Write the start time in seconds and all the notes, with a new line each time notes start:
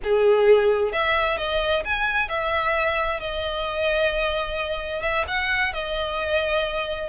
0.03 G#4
0.92 E5
1.37 D#5
1.84 G#5
2.28 E5
3.20 D#5
5.02 E5
5.27 F#5
5.73 D#5